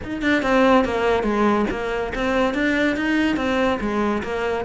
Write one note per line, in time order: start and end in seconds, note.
0.03 0.21 D#4
0.21 0.42 D4
0.42 0.84 C4
0.85 1.23 A#3
1.23 1.65 G#3
1.70 2.12 A#3
2.14 2.54 C4
2.54 2.96 D4
2.96 3.36 D#4
3.36 3.78 C4
3.80 4.22 G#3
4.22 4.64 A#3